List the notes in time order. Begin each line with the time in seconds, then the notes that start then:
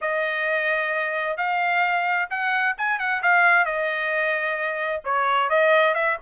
0.01 D#5
1.37 F5
2.30 F#5
2.77 G#5
2.99 F#5
3.22 F5
3.65 D#5
5.04 C#5
5.49 D#5
5.94 E5